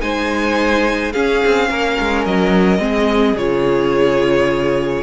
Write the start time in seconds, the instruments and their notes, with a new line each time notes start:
0.00 cello G#3, viola D#4, violin C5 G#5
1.12 viola C#4, cello C#4, violin G#4 F5
1.45 cello C4
1.70 cello A#3, violin A#4
1.99 cello G#3
2.25 cello F#3, violin D#5
2.79 cello G#3, viola C4, violin G#4
3.35 cello C#3, viola F4, violin C#5